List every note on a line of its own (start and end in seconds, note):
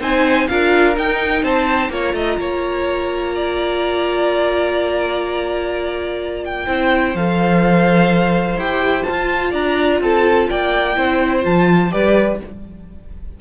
0.00 0.48 C4
0.00 0.49 D#4
0.00 0.49 C5
0.00 0.48 G#5
0.48 0.97 D4
0.48 0.96 F4
0.48 1.44 A#4
0.48 0.96 F5
0.96 1.91 D#4
0.96 1.43 D#4
0.96 1.44 G5
1.43 1.90 C4
1.43 1.91 C5
1.43 1.92 A5
1.90 2.14 A#3
1.90 6.68 F4
1.90 2.15 C#5
1.90 6.45 A#5
2.14 2.37 A3
2.14 2.39 D#5
2.38 6.67 A#3
2.38 3.35 C#5
3.35 6.66 D5
6.45 7.16 G5
6.66 7.15 C4
6.66 7.15 E4
6.66 9.51 C5
7.15 8.57 F3
7.15 8.60 A4
7.15 8.59 F5
8.57 9.04 E4
8.57 9.05 G4
8.57 9.03 G5
9.03 10.95 F4
9.03 9.51 A5
9.10 9.53 F4
9.51 10.01 D4
9.51 9.98 D5
9.51 10.01 A#5
10.01 10.49 C4
10.01 10.50 A4
10.01 10.50 A5
10.50 10.97 A#3
10.50 10.98 D5
10.50 11.45 G5
10.95 11.45 C4
10.95 11.42 E4
10.95 11.93 C5
11.42 11.93 F3
11.42 11.90 F4
11.42 11.92 A5
11.91 12.41 G3
11.91 12.38 G4
11.91 12.40 B4
11.91 12.40 D5